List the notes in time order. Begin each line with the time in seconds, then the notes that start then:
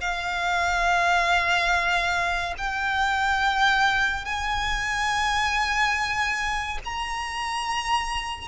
0.00 F5
2.57 G5
4.24 G#5
6.84 A#5